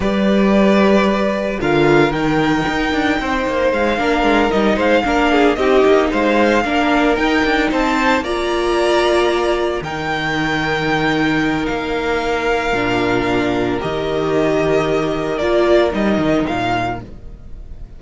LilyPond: <<
  \new Staff \with { instrumentName = "violin" } { \time 4/4 \tempo 4 = 113 d''2. f''4 | g''2. f''4~ | f''8 dis''8 f''4. dis''4 f''8~ | f''4. g''4 a''4 ais''8~ |
ais''2~ ais''8 g''4.~ | g''2 f''2~ | f''2 dis''2~ | dis''4 d''4 dis''4 f''4 | }
  \new Staff \with { instrumentName = "violin" } { \time 4/4 b'2. ais'4~ | ais'2 c''4. ais'8~ | ais'4 c''8 ais'8 gis'8 g'4 c''8~ | c''8 ais'2 c''4 d''8~ |
d''2~ d''8 ais'4.~ | ais'1~ | ais'1~ | ais'1 | }
  \new Staff \with { instrumentName = "viola" } { \time 4/4 g'2. f'4 | dis'2.~ dis'8 d'8~ | d'8 dis'4 d'4 dis'4.~ | dis'8 d'4 dis'2 f'8~ |
f'2~ f'8 dis'4.~ | dis'1 | d'2 g'2~ | g'4 f'4 dis'2 | }
  \new Staff \with { instrumentName = "cello" } { \time 4/4 g2. d4 | dis4 dis'8 d'8 c'8 ais8 gis8 ais8 | gis8 g8 gis8 ais4 c'8 ais8 gis8~ | gis8 ais4 dis'8 d'8 c'4 ais8~ |
ais2~ ais8 dis4.~ | dis2 ais2 | ais,2 dis2~ | dis4 ais4 g8 dis8 ais,4 | }
>>